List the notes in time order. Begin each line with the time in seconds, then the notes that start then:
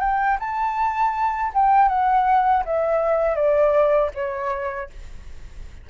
0.00 G5
0.40 A5
1.54 G5
1.88 F#5
2.65 E5
3.35 D5
4.14 C#5